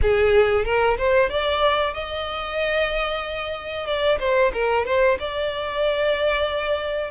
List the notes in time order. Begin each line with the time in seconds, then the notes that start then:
0.02 G#4
0.65 A#4
0.97 C5
1.29 D5
1.93 D#5
3.86 D5
4.19 C5
4.53 A#4
4.85 C5
5.19 D5